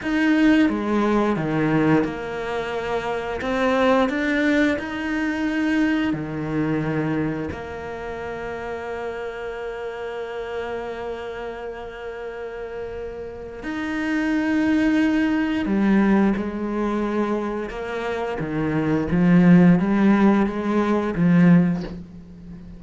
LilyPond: \new Staff \with { instrumentName = "cello" } { \time 4/4 \tempo 4 = 88 dis'4 gis4 dis4 ais4~ | ais4 c'4 d'4 dis'4~ | dis'4 dis2 ais4~ | ais1~ |
ais1 | dis'2. g4 | gis2 ais4 dis4 | f4 g4 gis4 f4 | }